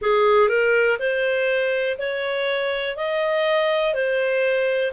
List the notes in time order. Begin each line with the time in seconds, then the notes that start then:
0.01 G#4
0.48 A#4
0.99 C5
1.98 C#5
2.96 D#5
3.93 C5